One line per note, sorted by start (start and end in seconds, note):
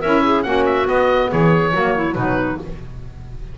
0.00 0.45 C#4
0.00 0.44 E4
0.00 0.21 A#4
0.00 0.43 E5
0.24 0.45 G#4
0.43 0.88 A#3
0.43 0.85 C#4
0.43 1.30 F#4
0.43 0.64 F#5
0.65 0.87 E5
0.85 1.71 B3
0.85 1.31 B3
0.85 1.31 D#5
1.30 1.74 E3
1.30 1.72 G#4
1.30 2.15 C#5
1.73 2.16 F#3
1.73 2.15 A#3
1.73 1.94 F#4
1.95 2.15 E4
2.15 2.58 B2
2.15 2.58 F#3
2.15 2.58 D#4
2.15 2.58 B4